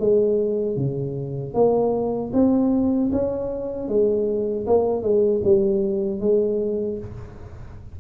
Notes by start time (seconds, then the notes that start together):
0.00 G#3
0.76 C#3
1.54 A#3
2.33 C4
3.13 C#4
3.89 G#3
4.67 A#3
5.03 G#3
5.45 G3
6.21 G#3